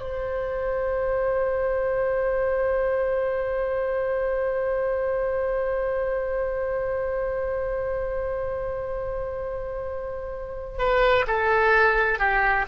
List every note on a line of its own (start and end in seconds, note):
0.00 10.78 C5
10.78 11.25 B4
11.27 12.19 A4
12.19 12.66 G4